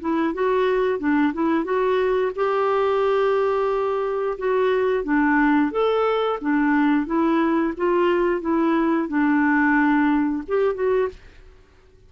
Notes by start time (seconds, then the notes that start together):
0.00 E4
0.34 F#4
0.99 D4
1.33 E4
1.64 F#4
2.35 G4
4.38 F#4
5.04 D4
5.71 A4
6.41 D4
7.06 E4
7.77 F4
8.41 E4
9.08 D4
10.48 G4
10.75 F#4